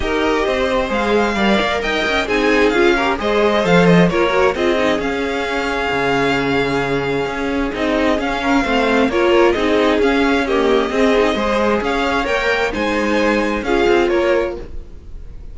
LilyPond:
<<
  \new Staff \with { instrumentName = "violin" } { \time 4/4 \tempo 4 = 132 dis''2 f''2 | g''4 gis''4 f''4 dis''4 | f''8 dis''8 cis''4 dis''4 f''4~ | f''1~ |
f''4 dis''4 f''2 | cis''4 dis''4 f''4 dis''4~ | dis''2 f''4 g''4 | gis''2 f''4 cis''4 | }
  \new Staff \with { instrumentName = "violin" } { \time 4/4 ais'4 c''2 d''4 | dis''4 gis'4. ais'8 c''4~ | c''4 ais'4 gis'2~ | gis'1~ |
gis'2~ gis'8 ais'8 c''4 | ais'4 gis'2 g'4 | gis'4 c''4 cis''2 | c''2 gis'4 ais'4 | }
  \new Staff \with { instrumentName = "viola" } { \time 4/4 g'2 gis'4 ais'4~ | ais'4 dis'4 f'8 g'8 gis'4 | a'4 f'8 fis'8 f'8 dis'8 cis'4~ | cis'1~ |
cis'4 dis'4 cis'4 c'4 | f'4 dis'4 cis'4 ais4 | c'8 dis'8 gis'2 ais'4 | dis'2 f'2 | }
  \new Staff \with { instrumentName = "cello" } { \time 4/4 dis'4 c'4 gis4 g8 ais8 | dis'8 cis'8 c'4 cis'4 gis4 | f4 ais4 c'4 cis'4~ | cis'4 cis2. |
cis'4 c'4 cis'4 a4 | ais4 c'4 cis'2 | c'4 gis4 cis'4 ais4 | gis2 cis'8 c'8 ais4 | }
>>